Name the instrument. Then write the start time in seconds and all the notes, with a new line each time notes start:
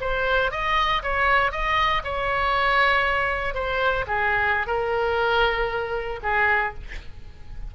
oboe
0.00 C5
0.51 D#5
1.02 C#5
1.51 D#5
2.04 C#5
3.54 C5
4.07 G#4
4.67 A#4
6.23 G#4